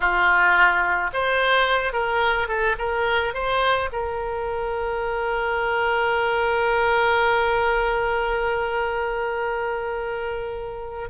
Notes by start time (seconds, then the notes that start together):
0.00 F4
1.13 C5
1.92 A#4
2.48 A4
2.78 A#4
3.34 C5
3.92 A#4